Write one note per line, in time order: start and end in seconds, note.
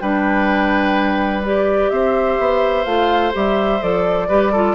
0.00 1.91 G3
0.00 1.44 D4
0.00 1.92 B4
0.00 1.43 G5
1.44 2.86 G4
1.44 1.90 D5
1.90 2.38 C4
1.90 4.28 C5
1.90 2.84 E5
2.39 2.85 B3
2.84 3.33 A3
2.84 3.32 F4
2.84 3.32 F5
3.32 3.82 G3
3.32 3.80 G4
3.32 3.83 E5
3.81 4.29 F3
3.81 4.29 A4
3.81 4.75 D5
4.28 4.75 G3
4.28 4.53 G4
4.28 4.52 B4
4.52 4.75 F4
4.52 4.75 A4